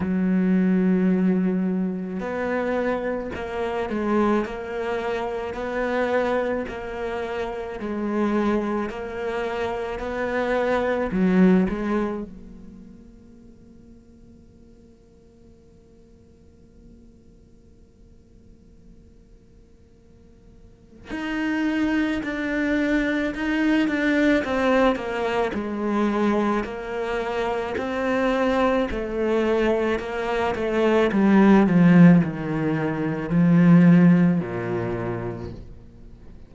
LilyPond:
\new Staff \with { instrumentName = "cello" } { \time 4/4 \tempo 4 = 54 fis2 b4 ais8 gis8 | ais4 b4 ais4 gis4 | ais4 b4 fis8 gis8 ais4~ | ais1~ |
ais2. dis'4 | d'4 dis'8 d'8 c'8 ais8 gis4 | ais4 c'4 a4 ais8 a8 | g8 f8 dis4 f4 ais,4 | }